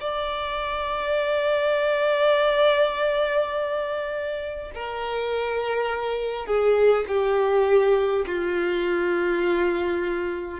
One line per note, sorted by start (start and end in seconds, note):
0.00 4.71 D5
4.74 6.46 A#4
6.46 7.05 G#4
7.07 8.25 G4
8.26 10.60 F4